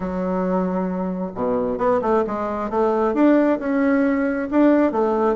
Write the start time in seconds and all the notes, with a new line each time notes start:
0.00 F#3
1.35 B2
1.78 B3
2.01 A3
2.27 G#3
2.69 A3
3.13 D4
3.59 C#4
4.51 D4
4.92 A3